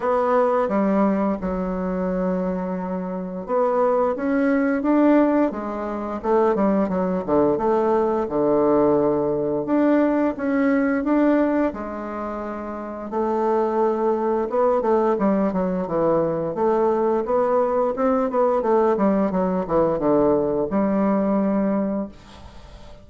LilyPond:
\new Staff \with { instrumentName = "bassoon" } { \time 4/4 \tempo 4 = 87 b4 g4 fis2~ | fis4 b4 cis'4 d'4 | gis4 a8 g8 fis8 d8 a4 | d2 d'4 cis'4 |
d'4 gis2 a4~ | a4 b8 a8 g8 fis8 e4 | a4 b4 c'8 b8 a8 g8 | fis8 e8 d4 g2 | }